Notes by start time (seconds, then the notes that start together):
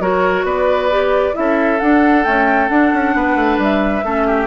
0.00 F#3 F#4 A#4 C#5
0.44 B3 B4 D5
0.91 G4
1.34 C#4 E4 E5
1.40 A4
1.80 D4 F#5
2.24 A3 C#4 G5
2.68 D4 F#5
2.94 C#4
3.15 B3 B4
3.36 A3
3.59 G3 E5
4.05 A3 C#4 A4
4.27 G4